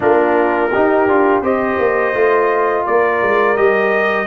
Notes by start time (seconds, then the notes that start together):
0.00 A#3 D4 F4 A#4
0.69 D#4 G4
1.07 D4 F4
1.41 C4 G4 C5 D#5
1.78 A#3
2.14 A3 F4
2.85 A#3 A#4 D5
3.22 G#3
3.56 G3 G4 D#5